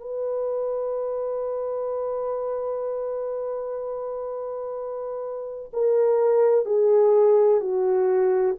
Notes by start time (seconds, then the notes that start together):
0.00 B4
5.73 A#4
6.65 G#4
7.61 F#4